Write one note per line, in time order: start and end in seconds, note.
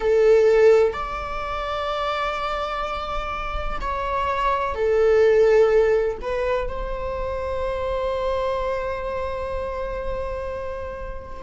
0.00 0.93 A4
0.93 3.78 D5
3.81 4.74 C#5
4.74 6.17 A4
6.21 6.68 B4
6.68 11.43 C5